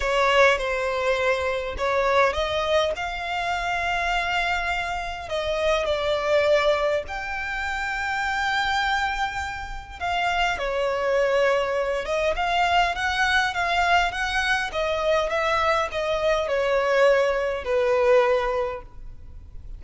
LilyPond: \new Staff \with { instrumentName = "violin" } { \time 4/4 \tempo 4 = 102 cis''4 c''2 cis''4 | dis''4 f''2.~ | f''4 dis''4 d''2 | g''1~ |
g''4 f''4 cis''2~ | cis''8 dis''8 f''4 fis''4 f''4 | fis''4 dis''4 e''4 dis''4 | cis''2 b'2 | }